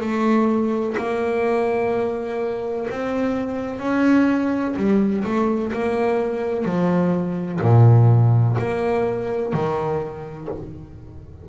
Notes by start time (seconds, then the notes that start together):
0.00 A3
0.97 A#3
2.90 C4
3.79 C#4
4.76 G3
5.24 A3
5.72 A#3
6.65 F3
7.61 A#2
8.58 A#3
9.53 D#3